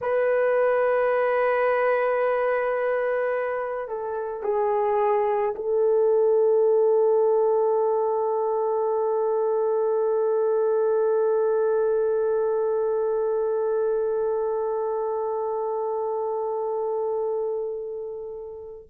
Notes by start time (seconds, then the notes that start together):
0.01 B4
3.88 A4
4.43 G#4
5.55 A4